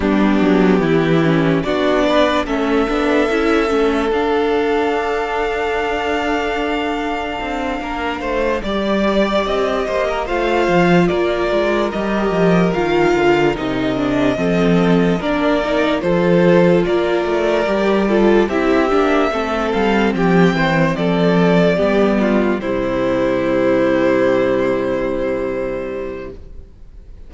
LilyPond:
<<
  \new Staff \with { instrumentName = "violin" } { \time 4/4 \tempo 4 = 73 g'2 d''4 e''4~ | e''4 f''2.~ | f''2~ f''8 d''4 dis''8~ | dis''8 f''4 d''4 dis''4 f''8~ |
f''8 dis''2 d''4 c''8~ | c''8 d''2 e''4. | f''8 g''4 d''2 c''8~ | c''1 | }
  \new Staff \with { instrumentName = "violin" } { \time 4/4 d'4 e'4 fis'8 b'8 a'4~ | a'1~ | a'4. ais'8 c''8 d''4. | c''16 ais'16 c''4 ais'2~ ais'8~ |
ais'4. a'4 ais'4 a'8~ | a'8 ais'4. a'8 g'4 a'8~ | a'8 g'8 c''8 a'4 g'8 f'8 e'8~ | e'1 | }
  \new Staff \with { instrumentName = "viola" } { \time 4/4 b4. cis'8 d'4 cis'8 d'8 | e'8 cis'8 d'2.~ | d'2~ d'8 g'4.~ | g'8 f'2 g'4 f'8~ |
f'8 dis'8 d'8 c'4 d'8 dis'8 f'8~ | f'4. g'8 f'8 e'8 d'8 c'8~ | c'2~ c'8 b4 g8~ | g1 | }
  \new Staff \with { instrumentName = "cello" } { \time 4/4 g8 fis8 e4 b4 a8 b8 | cis'8 a8 d'2.~ | d'4 c'8 ais8 a8 g4 c'8 | ais8 a8 f8 ais8 gis8 g8 f8 dis8 |
d8 c4 f4 ais4 f8~ | f8 ais8 a8 g4 c'8 ais8 a8 | g8 f8 e8 f4 g4 c8~ | c1 | }
>>